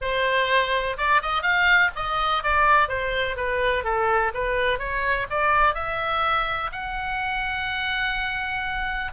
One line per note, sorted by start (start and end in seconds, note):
0.01 0.97 C5
0.97 1.21 D5
1.21 1.42 D#5
1.42 1.90 F5
1.95 2.43 D#5
2.43 2.88 D5
2.88 3.36 C5
3.36 3.84 B4
3.84 4.32 A4
4.34 4.78 B4
4.78 5.26 C#5
5.30 5.74 D5
5.74 6.70 E5
6.72 9.12 F#5